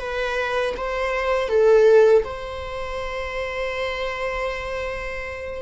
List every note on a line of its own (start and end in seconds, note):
0.00 0.75 B4
0.77 1.49 C5
1.49 2.24 A4
2.24 5.62 C5